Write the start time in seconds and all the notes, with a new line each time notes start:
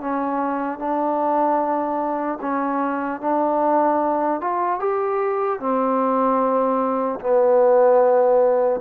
0.00 C#4
0.78 D4
2.41 C#4
3.20 D4
4.40 F4
4.79 G4
5.59 C4
7.20 B3